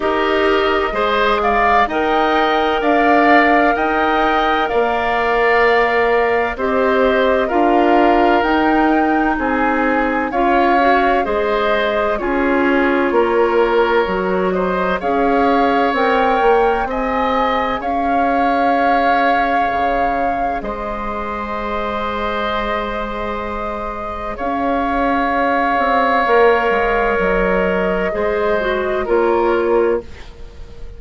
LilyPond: <<
  \new Staff \with { instrumentName = "flute" } { \time 4/4 \tempo 4 = 64 dis''4. f''8 g''4 f''4 | g''4 f''2 dis''4 | f''4 g''4 gis''4 f''4 | dis''4 cis''2~ cis''8 dis''8 |
f''4 g''4 gis''4 f''4~ | f''2 dis''2~ | dis''2 f''2~ | f''4 dis''2 cis''4 | }
  \new Staff \with { instrumentName = "oboe" } { \time 4/4 ais'4 c''8 d''8 dis''4 d''4 | dis''4 d''2 c''4 | ais'2 gis'4 cis''4 | c''4 gis'4 ais'4. c''8 |
cis''2 dis''4 cis''4~ | cis''2 c''2~ | c''2 cis''2~ | cis''2 c''4 ais'4 | }
  \new Staff \with { instrumentName = "clarinet" } { \time 4/4 g'4 gis'4 ais'2~ | ais'2. g'4 | f'4 dis'2 f'8 fis'8 | gis'4 f'2 fis'4 |
gis'4 ais'4 gis'2~ | gis'1~ | gis'1 | ais'2 gis'8 fis'8 f'4 | }
  \new Staff \with { instrumentName = "bassoon" } { \time 4/4 dis'4 gis4 dis'4 d'4 | dis'4 ais2 c'4 | d'4 dis'4 c'4 cis'4 | gis4 cis'4 ais4 fis4 |
cis'4 c'8 ais8 c'4 cis'4~ | cis'4 cis4 gis2~ | gis2 cis'4. c'8 | ais8 gis8 fis4 gis4 ais4 | }
>>